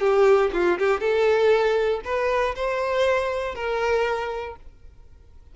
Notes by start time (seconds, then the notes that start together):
0.00 G4
0.53 F4
0.79 G4
1.00 A4
2.05 B4
2.55 C5
3.55 A#4